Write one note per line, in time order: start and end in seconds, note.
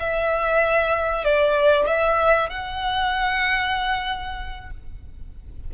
0.00 1.25 E5
1.25 1.87 D5
1.87 2.50 E5
2.50 4.71 F#5